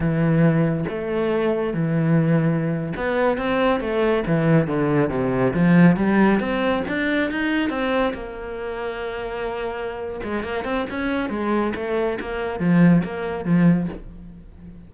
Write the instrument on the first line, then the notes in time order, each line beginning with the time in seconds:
cello
0.00 E3
0.88 A3
1.73 E3
2.96 B3
3.37 C4
3.80 A3
4.26 E3
4.67 D3
5.09 C3
5.53 F3
5.96 G3
6.40 C4
6.88 D4
7.30 D#4
7.69 C4
8.13 A#3
10.23 G#3
10.43 A#3
10.64 C4
10.90 C#4
11.29 G#3
11.75 A3
12.20 A#3
12.59 F3
13.03 A#3
13.44 F3